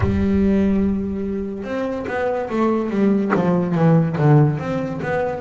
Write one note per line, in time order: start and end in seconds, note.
0.00 1.64 G3
1.64 2.05 C4
2.07 2.48 B3
2.49 2.89 A3
2.89 3.31 G3
3.34 3.75 F3
3.75 4.16 E3
4.17 4.58 D3
4.58 5.00 C4
5.02 5.40 B3